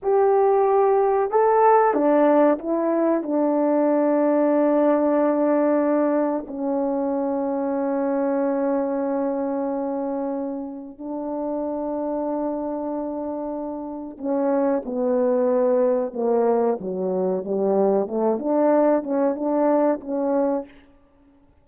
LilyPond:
\new Staff \with { instrumentName = "horn" } { \time 4/4 \tempo 4 = 93 g'2 a'4 d'4 | e'4 d'2.~ | d'2 cis'2~ | cis'1~ |
cis'4 d'2.~ | d'2 cis'4 b4~ | b4 ais4 fis4 g4 | a8 d'4 cis'8 d'4 cis'4 | }